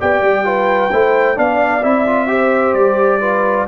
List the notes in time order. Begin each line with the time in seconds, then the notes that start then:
0.00 B3 G4 D5 G5
0.22 G3
0.44 F4 B4
0.91 A3 E4 C5
1.35 B3 D4 D5 F5
1.83 C4 E4 E5
2.06 F4
2.27 G4 C5
2.74 G3 D5
3.20 F4 B4